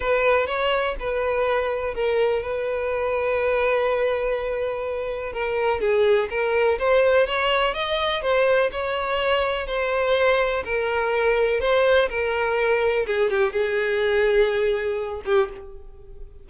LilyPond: \new Staff \with { instrumentName = "violin" } { \time 4/4 \tempo 4 = 124 b'4 cis''4 b'2 | ais'4 b'2.~ | b'2. ais'4 | gis'4 ais'4 c''4 cis''4 |
dis''4 c''4 cis''2 | c''2 ais'2 | c''4 ais'2 gis'8 g'8 | gis'2.~ gis'8 g'8 | }